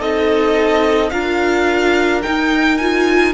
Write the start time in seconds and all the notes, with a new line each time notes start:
0.00 C4 D#4 A4 D#5
1.10 D4 F4 A#4 F5
2.23 D#4 G5
2.78 F4 G#5